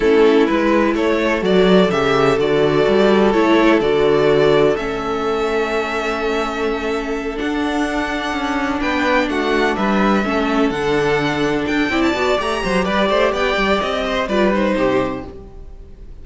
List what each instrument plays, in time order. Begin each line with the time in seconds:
0.00 cello A3, viola C#4, violin E4 A4
0.46 cello G#3, viola E4, violin B4
0.95 cello A3, violin A4 C#5
1.41 cello F#3, viola F#4, violin D5
1.90 cello C#3, viola G4, violin E5
2.37 cello D3, viola F#4, violin D5
2.87 cello G3
3.32 cello A3, viola E4, violin C#5
3.80 cello D3, viola F#4, violin D5
4.76 cello A3, viola C#4, violin E5
7.36 viola D4, cello D4, violin F#5
8.32 cello C#4
8.80 cello B3, violin B4 G5
9.28 cello A3, violin F#4 F#5
9.76 cello G3, violin B4 E5
10.24 cello A3, viola C#4, violin A4
10.70 cello D3, viola D4, violin F#5
11.66 cello D4, violin G5
11.89 cello C4, viola E4, violin D5
12.02 violin A5
12.13 cello B3, viola F#4
12.37 cello A3, viola G4, violin A#5
12.63 cello F#3, violin C5
12.84 cello G3, violin B4 D5
13.08 cello A3, violin C5
13.32 cello B3, violin D5 G5
13.56 cello G3
13.80 cello C4, violin D#5
14.05 violin C5
14.27 cello G3, viola F4, violin B4 D5
14.53 viola D#4, violin C5
14.76 cello C3, violin G4